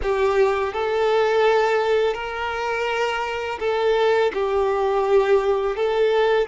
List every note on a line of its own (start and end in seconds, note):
0.02 0.73 G4
0.73 2.14 A4
2.14 3.58 A#4
3.59 4.32 A4
4.33 5.76 G4
5.76 6.47 A4